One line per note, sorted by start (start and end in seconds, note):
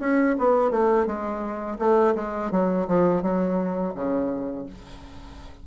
0.00 0.36 C#4
0.38 0.71 B3
0.71 1.06 A3
1.06 1.78 G#3
1.78 2.14 A3
2.15 2.51 G#3
2.51 2.87 F#3
2.87 3.22 F3
3.22 3.94 F#3
3.94 4.66 C#3